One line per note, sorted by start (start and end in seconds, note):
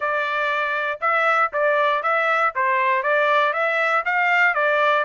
0.00 0.99 D5
1.00 1.51 E5
1.52 2.02 D5
2.02 2.53 E5
2.55 3.03 C5
3.03 3.53 D5
3.53 4.03 E5
4.05 4.54 F5
4.54 5.04 D5